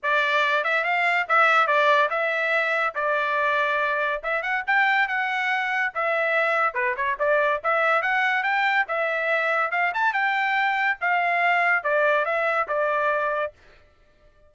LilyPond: \new Staff \with { instrumentName = "trumpet" } { \time 4/4 \tempo 4 = 142 d''4. e''8 f''4 e''4 | d''4 e''2 d''4~ | d''2 e''8 fis''8 g''4 | fis''2 e''2 |
b'8 cis''8 d''4 e''4 fis''4 | g''4 e''2 f''8 a''8 | g''2 f''2 | d''4 e''4 d''2 | }